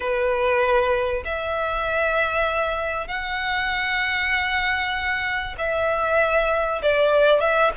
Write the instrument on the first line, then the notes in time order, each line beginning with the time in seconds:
violin
0.00 B4
1.24 E5
3.07 F#5
5.58 E5
6.82 D5
7.40 E5